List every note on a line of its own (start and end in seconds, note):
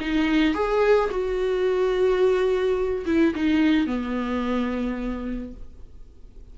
0.00 0.54 D#4
0.54 1.10 G#4
1.11 3.05 F#4
3.06 3.34 E4
3.35 3.87 D#4
3.87 5.53 B3